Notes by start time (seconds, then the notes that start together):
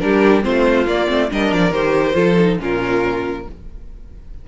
0.00 G3 D4 G4 A#4
0.42 A3 C4 F4 C5
0.87 A#3 D5
1.08 A3 C4
1.30 G3 D4 A#4 D#5
1.53 F3 D5
1.71 D#3 G4 C5
2.14 F3 F4 A4
2.39 D#4
2.60 A#2 C#4 F4 A#4